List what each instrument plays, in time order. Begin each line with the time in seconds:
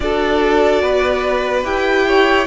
0.00 cello D4, viola F#4, violin A4 D5
0.81 cello B3, violin B4
1.64 cello E4, viola G4, violin G5
2.07 violin C#5